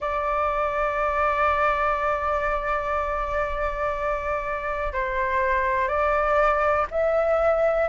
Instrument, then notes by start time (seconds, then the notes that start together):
flute
0.00 D5
4.92 C5
5.87 D5
6.91 E5